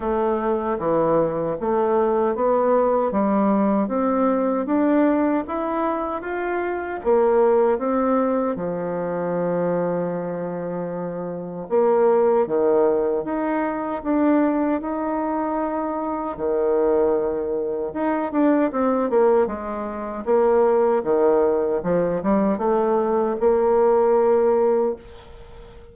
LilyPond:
\new Staff \with { instrumentName = "bassoon" } { \time 4/4 \tempo 4 = 77 a4 e4 a4 b4 | g4 c'4 d'4 e'4 | f'4 ais4 c'4 f4~ | f2. ais4 |
dis4 dis'4 d'4 dis'4~ | dis'4 dis2 dis'8 d'8 | c'8 ais8 gis4 ais4 dis4 | f8 g8 a4 ais2 | }